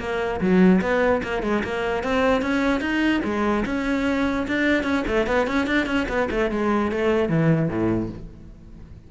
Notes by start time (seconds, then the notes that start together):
0.00 A#3
0.41 F#3
0.82 B3
1.23 A#3
1.43 G#3
1.64 A#3
2.04 C4
2.42 C#4
2.81 D#4
3.25 G#3
3.66 C#4
4.48 D4
4.84 C#4
5.08 A3
5.27 B3
5.48 C#4
5.67 D4
5.87 C#4
6.09 B3
6.31 A3
6.51 G#3
6.92 A3
7.30 E3
7.69 A2